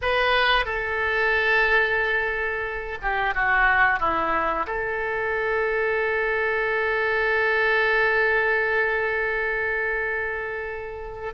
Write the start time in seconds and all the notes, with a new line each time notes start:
0.01 B4
0.65 A4
3.02 G4
3.34 F#4
3.99 E4
4.67 A4